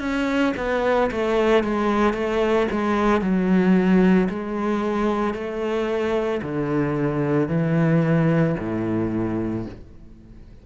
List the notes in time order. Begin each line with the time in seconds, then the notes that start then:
0.00 C#4
0.57 B3
1.12 A3
1.64 G#3
2.14 A3
2.72 G#3
3.21 F#3
4.30 G#3
5.34 A3
6.42 D3
7.49 E3
8.59 A2